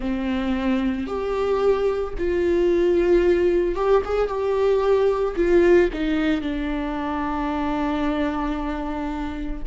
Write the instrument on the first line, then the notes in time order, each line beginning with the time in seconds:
viola
0.00 C4
1.07 G4
2.18 F4
3.75 G4
4.04 G#4
4.28 G4
5.36 F4
5.93 D#4
6.40 D4